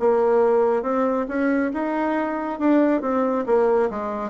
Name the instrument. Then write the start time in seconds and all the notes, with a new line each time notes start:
bassoon
0.00 A#3
0.83 C4
1.28 C#4
1.74 D#4
2.59 D4
3.02 C4
3.46 A#3
3.91 G#3